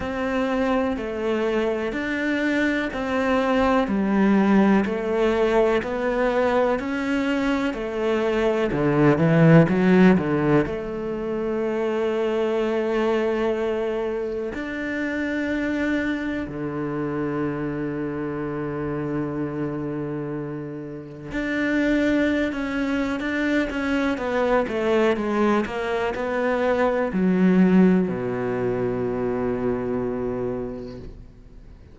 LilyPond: \new Staff \with { instrumentName = "cello" } { \time 4/4 \tempo 4 = 62 c'4 a4 d'4 c'4 | g4 a4 b4 cis'4 | a4 d8 e8 fis8 d8 a4~ | a2. d'4~ |
d'4 d2.~ | d2 d'4~ d'16 cis'8. | d'8 cis'8 b8 a8 gis8 ais8 b4 | fis4 b,2. | }